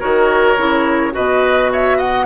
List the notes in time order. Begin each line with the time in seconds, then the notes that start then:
0.00 D#3 F#4 A#4 C#5
0.57 C#3 E4
1.12 B2 F#4 B4 D#5
1.73 C#5 E5
1.97 D#5 F#5